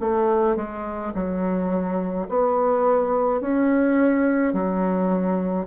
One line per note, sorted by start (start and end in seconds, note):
0.00 0.56 A3
0.56 1.13 G#3
1.14 2.27 F#3
2.28 3.41 B3
3.41 4.53 C#4
4.53 5.67 F#3